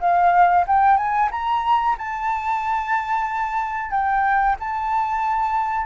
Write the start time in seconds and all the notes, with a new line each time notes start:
0.00 F5
0.67 G5
0.97 G#5
1.31 A#5
1.98 A5
3.91 G5
4.60 A5